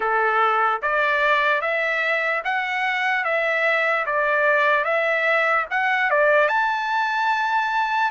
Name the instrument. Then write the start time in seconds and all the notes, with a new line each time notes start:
trumpet
0.00 A4
0.81 D5
1.61 E5
2.44 F#5
3.24 E5
4.05 D5
4.84 E5
5.70 F#5
6.10 D5
6.48 A5